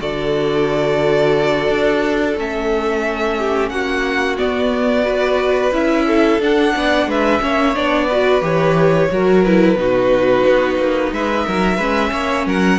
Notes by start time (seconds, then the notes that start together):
0.00 D3 F#4 A4 D5
1.69 D4
2.37 A3 C#4 E5
3.38 G4
3.69 A#3 F#4 F#5
4.38 B3 D5
5.04 F#4 B4
5.72 C#4 E4 E5
6.07 A4
6.40 D4 F#5
6.75 B3 D5
7.06 G#3 B4 E5
7.40 A#3 C#4 C#5
7.75 B3 D4 D5
8.07 F#4 B4
8.41 E3 G4 C#5
9.11 F#3 F#4 A#4
9.44 E4 B4
9.75 B2 D#4 F#4
10.47 B3
10.78 A#3
11.12 G#3 B4 E5
11.46 F#3 A#4
11.77 G#3 C#4 B4
12.12 A#3 C#5
12.46 F#3 A#4 F#5